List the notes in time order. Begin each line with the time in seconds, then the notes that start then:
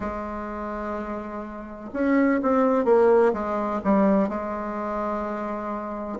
0.00 G#3
1.93 C#4
2.42 C4
2.84 A#3
3.33 G#3
3.84 G3
4.29 G#3